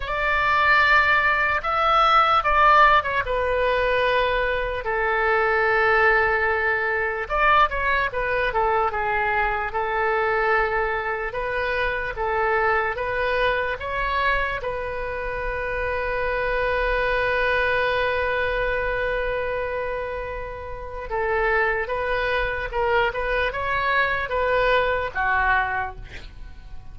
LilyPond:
\new Staff \with { instrumentName = "oboe" } { \time 4/4 \tempo 4 = 74 d''2 e''4 d''8. cis''16 | b'2 a'2~ | a'4 d''8 cis''8 b'8 a'8 gis'4 | a'2 b'4 a'4 |
b'4 cis''4 b'2~ | b'1~ | b'2 a'4 b'4 | ais'8 b'8 cis''4 b'4 fis'4 | }